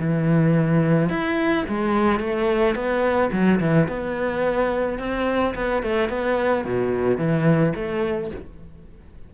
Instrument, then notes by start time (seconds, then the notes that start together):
cello
0.00 E3
1.10 E4
1.69 G#3
2.20 A3
2.76 B3
3.32 F#3
3.60 E3
3.89 B3
4.99 C4
5.55 B3
5.83 A3
6.10 B3
6.65 B2
7.18 E3
7.76 A3